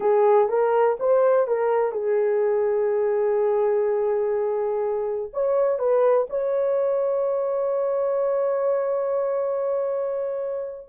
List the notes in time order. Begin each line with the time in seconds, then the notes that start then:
0.00 G#4
0.48 A#4
0.99 C5
1.47 A#4
1.91 G#4
5.33 C#5
5.78 B4
6.29 C#5